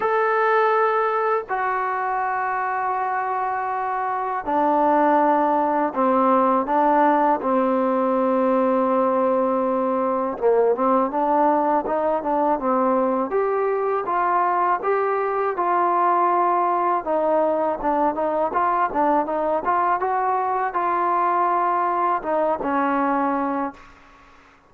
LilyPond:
\new Staff \with { instrumentName = "trombone" } { \time 4/4 \tempo 4 = 81 a'2 fis'2~ | fis'2 d'2 | c'4 d'4 c'2~ | c'2 ais8 c'8 d'4 |
dis'8 d'8 c'4 g'4 f'4 | g'4 f'2 dis'4 | d'8 dis'8 f'8 d'8 dis'8 f'8 fis'4 | f'2 dis'8 cis'4. | }